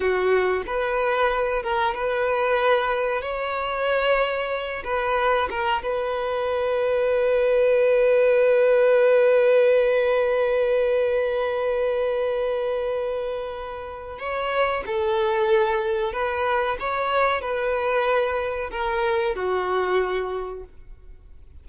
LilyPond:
\new Staff \with { instrumentName = "violin" } { \time 4/4 \tempo 4 = 93 fis'4 b'4. ais'8 b'4~ | b'4 cis''2~ cis''8 b'8~ | b'8 ais'8 b'2.~ | b'1~ |
b'1~ | b'2 cis''4 a'4~ | a'4 b'4 cis''4 b'4~ | b'4 ais'4 fis'2 | }